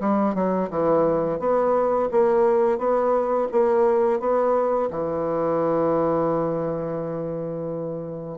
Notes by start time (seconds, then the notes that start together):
0.00 G3
0.34 F#3
0.70 E3
1.39 B3
2.11 A#3
2.78 B3
3.51 A#3
4.19 B3
4.90 E3